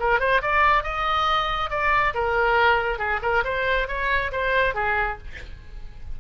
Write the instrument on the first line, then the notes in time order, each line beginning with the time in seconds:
oboe
0.00 A#4
0.20 C5
0.42 D5
0.84 D#5
1.70 D5
2.14 A#4
2.99 G#4
3.22 A#4
3.44 C5
3.88 C#5
4.32 C5
4.75 G#4